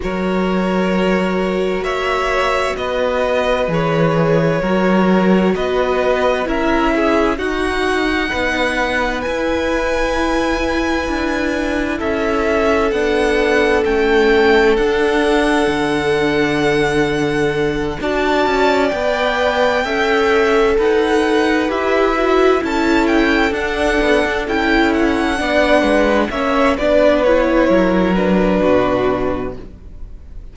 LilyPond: <<
  \new Staff \with { instrumentName = "violin" } { \time 4/4 \tempo 4 = 65 cis''2 e''4 dis''4 | cis''2 dis''4 e''4 | fis''2 gis''2~ | gis''4 e''4 fis''4 g''4 |
fis''2.~ fis''8 a''8~ | a''8 g''2 fis''4 e''8~ | e''8 a''8 g''8 fis''4 g''8 fis''4~ | fis''8 e''8 d''8 cis''4 b'4. | }
  \new Staff \with { instrumentName = "violin" } { \time 4/4 ais'2 cis''4 b'4~ | b'4 ais'4 b'4 ais'8 gis'8 | fis'4 b'2.~ | b'4 a'2.~ |
a'2.~ a'8 d''8~ | d''4. e''4 b'4.~ | b'8 a'2. d''8 | b'8 cis''8 b'4 ais'4 fis'4 | }
  \new Staff \with { instrumentName = "viola" } { \time 4/4 fis'1 | gis'4 fis'2 e'4 | dis'2 e'2~ | e'2 d'4 cis'4 |
d'2.~ d'8 fis'8~ | fis'8 b'4 a'2 g'8 | fis'8 e'4 d'4 e'4 d'8~ | d'8 cis'8 d'8 e'4 d'4. | }
  \new Staff \with { instrumentName = "cello" } { \time 4/4 fis2 ais4 b4 | e4 fis4 b4 cis'4 | dis'4 b4 e'2 | d'4 cis'4 b4 a4 |
d'4 d2~ d8 d'8 | cis'8 b4 cis'4 dis'4 e'8~ | e'8 cis'4 d'8 b16 d'16 cis'4 b8 | gis8 ais8 b4 fis4 b,4 | }
>>